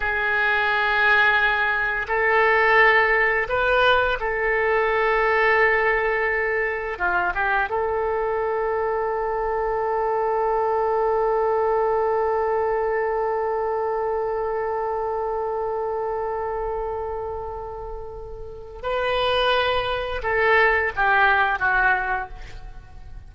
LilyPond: \new Staff \with { instrumentName = "oboe" } { \time 4/4 \tempo 4 = 86 gis'2. a'4~ | a'4 b'4 a'2~ | a'2 f'8 g'8 a'4~ | a'1~ |
a'1~ | a'1~ | a'2. b'4~ | b'4 a'4 g'4 fis'4 | }